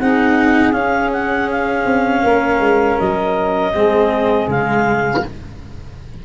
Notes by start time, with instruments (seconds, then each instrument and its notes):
0.00 tuba C4, cello D#4, saxophone G#4, clarinet F#5
0.73 tuba C#4, cello C#4, clarinet F5
1.13 clarinet F#5
1.51 clarinet F5
1.86 tuba C4
2.23 tuba A#3, saxophone A#4
2.60 tuba G#3
2.99 tuba F#3, clarinet D#5
3.74 tuba G#3, cello C4, saxophone G#4
4.48 tuba C#3, cello G#3, clarinet F5